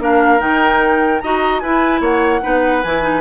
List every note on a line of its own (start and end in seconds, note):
0.00 0.40 A#3
0.00 0.39 D4
0.00 1.23 A#4
0.00 0.41 F5
0.39 1.21 D#3
0.39 1.20 D#4
0.39 1.20 G5
1.20 1.63 D#4
1.20 1.64 F#4
1.20 1.62 D#5
1.20 1.60 A#5
1.60 2.01 E4
1.60 2.42 E4
1.60 2.01 B4
1.60 2.00 G#5
2.01 2.41 A#3
2.01 2.41 C#5
2.01 2.84 F#5
2.42 2.84 B3
2.42 2.82 D#4
2.42 3.22 B4
2.84 3.22 E3
2.84 3.02 E4
2.84 3.22 G#5
3.02 3.22 D#4